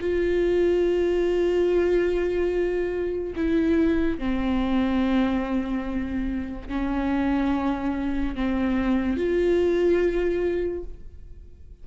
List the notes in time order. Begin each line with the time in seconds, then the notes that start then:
0.00 F4
3.36 E4
4.18 C4
6.68 C#4
8.35 C4
9.17 F4